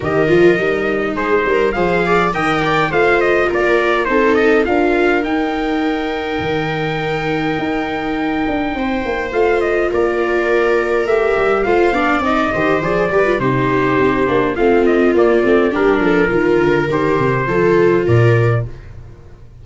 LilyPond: <<
  \new Staff \with { instrumentName = "trumpet" } { \time 4/4 \tempo 4 = 103 dis''2 c''4 f''4 | g''4 f''8 dis''8 d''4 c''8 dis''8 | f''4 g''2.~ | g''1 |
f''8 dis''8 d''2 e''4 | f''4 dis''4 d''4 c''4~ | c''4 f''8 dis''8 d''4 ais'4~ | ais'4 c''2 d''4 | }
  \new Staff \with { instrumentName = "viola" } { \time 4/4 ais'2 gis'8 ais'8 c''8 d''8 | dis''8 d''8 c''4 ais'4 a'4 | ais'1~ | ais'2. c''4~ |
c''4 ais'2. | c''8 d''4 c''4 b'8 g'4~ | g'4 f'2 g'8 a'8 | ais'2 a'4 ais'4 | }
  \new Staff \with { instrumentName = "viola" } { \time 4/4 g'8 f'8 dis'2 gis'4 | ais'4 f'2 dis'4 | f'4 dis'2.~ | dis'1 |
f'2. g'4 | f'8 d'8 dis'8 g'8 gis'8 g'16 f'16 dis'4~ | dis'8 d'8 c'4 ais8 c'8 d'4 | f'4 g'4 f'2 | }
  \new Staff \with { instrumentName = "tuba" } { \time 4/4 dis8 f8 g4 gis8 g8 f4 | dis4 a4 ais4 c'4 | d'4 dis'2 dis4~ | dis4 dis'4. d'8 c'8 ais8 |
a4 ais2 a8 g8 | a8 b8 c'8 dis8 f8 g8 c4 | c'8 ais8 a4 ais8 a8 g8 f8 | dis8 d8 dis8 c8 f4 ais,4 | }
>>